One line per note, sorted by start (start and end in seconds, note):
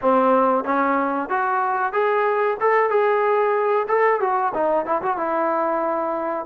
0.01 0.64 C4
0.64 1.29 C#4
1.29 1.92 F#4
1.92 2.57 G#4
2.60 2.90 A4
2.90 3.87 G#4
3.88 4.20 A4
4.20 4.52 F#4
4.54 4.85 D#4
4.85 5.01 E4
5.01 5.17 F#4
5.17 6.45 E4